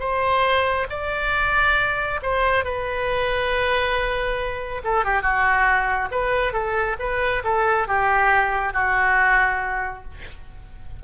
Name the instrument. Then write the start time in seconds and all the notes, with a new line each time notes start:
oboe
0.00 C5
0.90 D5
2.23 C5
2.64 B4
4.84 A4
5.04 G4
5.22 F#4
6.11 B4
6.53 A4
6.99 B4
7.44 A4
7.88 G4
8.74 F#4